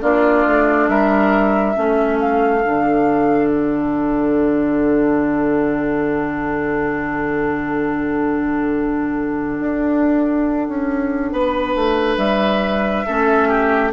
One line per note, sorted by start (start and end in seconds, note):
0.00 0.45 A#3
0.00 1.74 D4
0.00 0.89 F4
0.00 0.88 D5
0.46 0.88 A3
0.88 1.75 G3
0.88 1.76 A#4
0.88 2.19 E5
1.74 2.64 A3
1.74 2.61 C#4
1.74 11.32 A4
2.20 3.48 F5
2.62 9.60 D3
2.62 13.06 D4
3.48 12.17 F#5
9.60 10.68 D4
10.68 11.31 C#4
11.31 11.75 B3
11.31 13.06 B4
11.75 12.17 A3
12.17 13.04 G3
12.17 13.91 E5
13.06 13.93 A3
13.06 13.93 C#4
13.06 13.48 A4
13.48 13.91 G4